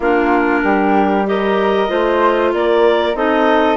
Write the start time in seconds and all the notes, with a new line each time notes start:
0.00 A#3 D4 F4 A#4
0.63 G3 G4
1.25 G4 A#4 D#5
1.88 A3 F4 C5
2.53 A#3 A#4 D5
3.14 C4 D#4 A4 D#5